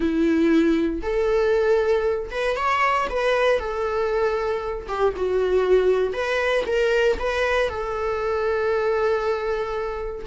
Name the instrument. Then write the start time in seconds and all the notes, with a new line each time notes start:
viola
0.00 E4
1.02 A4
2.30 B4
2.56 C#5
3.09 B4
3.59 A4
4.88 G4
5.16 F#4
6.13 B4
6.66 A#4
7.19 B4
7.69 A4